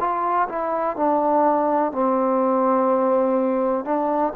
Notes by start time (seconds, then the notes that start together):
0.00 F4
0.49 E4
0.97 D4
1.93 C4
3.85 D4